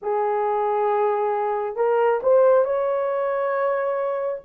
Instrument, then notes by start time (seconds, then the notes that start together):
horn
0.02 G#4
1.76 A#4
2.22 C5
2.64 C#5